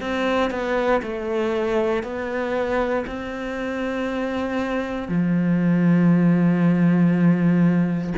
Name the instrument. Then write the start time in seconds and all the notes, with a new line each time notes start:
cello
0.00 C4
0.50 B3
1.03 A3
2.03 B3
3.06 C4
5.08 F3